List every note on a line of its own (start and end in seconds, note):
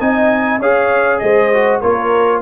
0.00 0.61 C4
0.00 0.61 D#4
0.00 0.60 D#5
0.00 0.61 G#5
0.60 1.21 C#4
0.60 1.53 G#4
0.60 1.21 C#5
0.60 1.19 F5
1.19 1.83 G#3
1.19 1.81 C5
1.19 1.80 D#5
1.54 1.84 F#4
1.81 2.43 A#3
1.81 2.43 F4
1.81 2.42 A#4
1.81 2.42 C#5